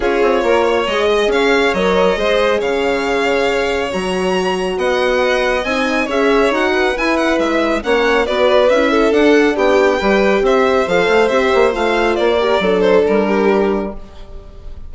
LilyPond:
<<
  \new Staff \with { instrumentName = "violin" } { \time 4/4 \tempo 4 = 138 cis''2 dis''4 f''4 | dis''2 f''2~ | f''4 ais''2 fis''4~ | fis''4 gis''4 e''4 fis''4 |
gis''8 fis''8 e''4 fis''4 d''4 | e''4 fis''4 g''2 | e''4 f''4 e''4 f''4 | d''4. c''8 ais'2 | }
  \new Staff \with { instrumentName = "violin" } { \time 4/4 gis'4 ais'8 cis''4 dis''8 cis''4~ | cis''4 c''4 cis''2~ | cis''2. dis''4~ | dis''2 cis''4. b'8~ |
b'2 cis''4 b'4~ | b'8 a'4. g'4 b'4 | c''1~ | c''8 ais'8 a'4. g'4. | }
  \new Staff \with { instrumentName = "horn" } { \time 4/4 f'2 gis'2 | ais'4 gis'2.~ | gis'4 fis'2.~ | fis'4 dis'4 gis'4 fis'4 |
e'2 cis'4 fis'4 | e'4 d'2 g'4~ | g'4 a'4 g'4 f'4~ | f'8 g'8 d'2. | }
  \new Staff \with { instrumentName = "bassoon" } { \time 4/4 cis'8 c'8 ais4 gis4 cis'4 | fis4 gis4 cis2~ | cis4 fis2 b4~ | b4 c'4 cis'4 dis'4 |
e'4 gis4 ais4 b4 | cis'4 d'4 b4 g4 | c'4 f8 a8 c'8 ais8 a4 | ais4 fis4 g2 | }
>>